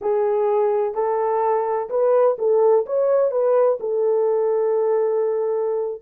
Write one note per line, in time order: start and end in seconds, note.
0.01 0.94 G#4
0.94 1.89 A4
1.89 2.36 B4
2.38 2.85 A4
2.85 3.31 C#5
3.31 3.78 B4
3.79 6.02 A4